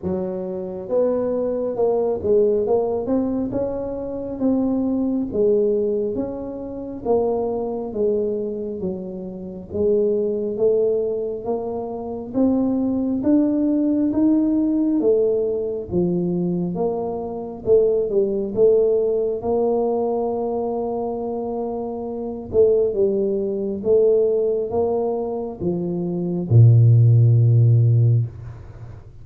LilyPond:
\new Staff \with { instrumentName = "tuba" } { \time 4/4 \tempo 4 = 68 fis4 b4 ais8 gis8 ais8 c'8 | cis'4 c'4 gis4 cis'4 | ais4 gis4 fis4 gis4 | a4 ais4 c'4 d'4 |
dis'4 a4 f4 ais4 | a8 g8 a4 ais2~ | ais4. a8 g4 a4 | ais4 f4 ais,2 | }